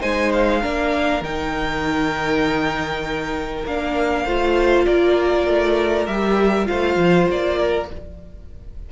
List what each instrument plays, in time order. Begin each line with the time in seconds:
0.00 cello G#3, viola D#4, violin C5 G#5
0.32 violin F5
0.61 cello A#3, viola D4, violin A#4
1.21 cello D#3, viola D#4, violin G5
3.65 cello A#3, viola D4, violin F5
4.24 cello A3, viola F4, violin C5
4.85 cello A#3, violin A#4 D5
5.47 cello A3
6.06 cello G3, viola G4, violin E5
6.64 viola F4, violin C5 F5
6.70 cello A3
6.96 cello F3
7.30 cello A#3, violin D5
7.58 violin A#4